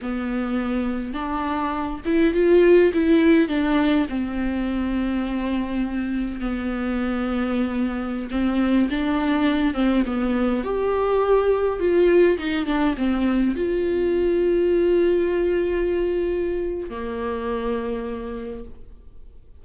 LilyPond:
\new Staff \with { instrumentName = "viola" } { \time 4/4 \tempo 4 = 103 b2 d'4. e'8 | f'4 e'4 d'4 c'4~ | c'2. b4~ | b2~ b16 c'4 d'8.~ |
d'8. c'8 b4 g'4.~ g'16~ | g'16 f'4 dis'8 d'8 c'4 f'8.~ | f'1~ | f'4 ais2. | }